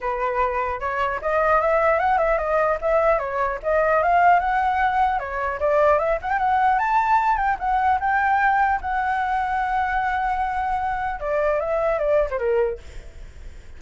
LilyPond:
\new Staff \with { instrumentName = "flute" } { \time 4/4 \tempo 4 = 150 b'2 cis''4 dis''4 | e''4 fis''8 e''8 dis''4 e''4 | cis''4 dis''4 f''4 fis''4~ | fis''4 cis''4 d''4 e''8 fis''16 g''16 |
fis''4 a''4. g''8 fis''4 | g''2 fis''2~ | fis''1 | d''4 e''4 d''8. c''16 ais'4 | }